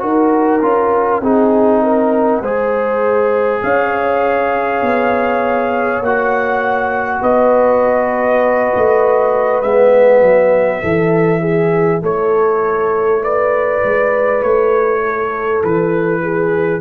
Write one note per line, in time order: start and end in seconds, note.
0.00 0.62 D#4
0.00 0.60 F#4
0.00 1.23 A#4
0.00 3.63 F#5
0.62 1.21 C#4
0.62 1.22 F4
1.21 2.41 C4
1.21 2.44 D#4
1.21 1.83 G#4
1.83 2.42 A#4
2.42 3.62 G#3
2.42 6.04 G#4
2.42 3.62 C5
3.63 4.82 C#4
3.63 7.21 C#5
3.63 6.03 F5
4.82 6.00 B3
6.00 7.20 A#3
6.00 9.64 F#4
6.00 7.23 F#5
7.21 8.73 B3
7.21 10.81 B4
7.21 9.62 D#5
8.76 9.62 A3
9.62 10.22 G#3
9.62 10.84 B3
9.62 12.03 E5
10.22 10.82 F#3
10.83 12.03 E3
10.83 16.82 E4
10.83 11.41 A4
11.41 12.01 G#4
12.03 13.83 A3
12.03 13.23 A4
12.03 13.24 C#5
13.23 15.03 B4
13.23 14.43 D5
13.85 14.43 G#3
14.43 15.63 A3
14.43 15.63 C#5
15.04 16.23 A4
15.64 16.82 E3
15.64 16.82 B4
16.23 16.82 G#4